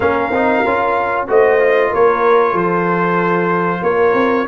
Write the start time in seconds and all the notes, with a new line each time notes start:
0.00 A#3 C#4 A#4 F5
0.30 C4 D#4
0.65 C#4 F4
1.27 A3 F#4 C5 D#5
1.59 F4
1.89 A#3 A#4 C#5
2.52 F3 A4 C5
3.82 A#3 A#4 C#5
4.13 C4